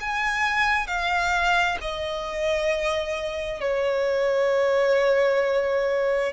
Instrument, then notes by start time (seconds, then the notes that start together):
violin
0.00 G#5
0.87 F5
1.81 D#5
3.60 C#5